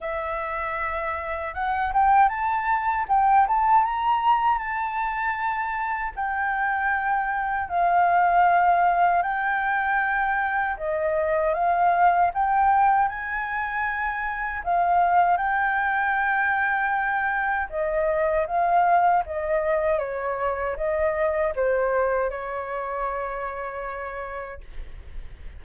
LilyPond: \new Staff \with { instrumentName = "flute" } { \time 4/4 \tempo 4 = 78 e''2 fis''8 g''8 a''4 | g''8 a''8 ais''4 a''2 | g''2 f''2 | g''2 dis''4 f''4 |
g''4 gis''2 f''4 | g''2. dis''4 | f''4 dis''4 cis''4 dis''4 | c''4 cis''2. | }